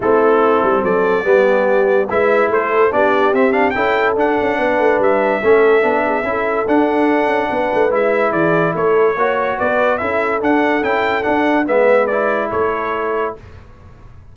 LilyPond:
<<
  \new Staff \with { instrumentName = "trumpet" } { \time 4/4 \tempo 4 = 144 a'2 d''2~ | d''4 e''4 c''4 d''4 | e''8 f''8 g''4 fis''2 | e''1 |
fis''2. e''4 | d''4 cis''2 d''4 | e''4 fis''4 g''4 fis''4 | e''4 d''4 cis''2 | }
  \new Staff \with { instrumentName = "horn" } { \time 4/4 e'2 a'4 g'4~ | g'4 b'4 a'4 g'4~ | g'4 a'2 b'4~ | b'4 a'4. gis'8 a'4~ |
a'2 b'2 | gis'4 a'4 cis''4 b'4 | a'1 | b'2 a'2 | }
  \new Staff \with { instrumentName = "trombone" } { \time 4/4 c'2. b4~ | b4 e'2 d'4 | c'8 d'8 e'4 d'2~ | d'4 cis'4 d'4 e'4 |
d'2. e'4~ | e'2 fis'2 | e'4 d'4 e'4 d'4 | b4 e'2. | }
  \new Staff \with { instrumentName = "tuba" } { \time 4/4 a4. g8 fis4 g4~ | g4 gis4 a4 b4 | c'4 cis'4 d'8 cis'8 b8 a8 | g4 a4 b4 cis'4 |
d'4. cis'8 b8 a8 gis4 | e4 a4 ais4 b4 | cis'4 d'4 cis'4 d'4 | gis2 a2 | }
>>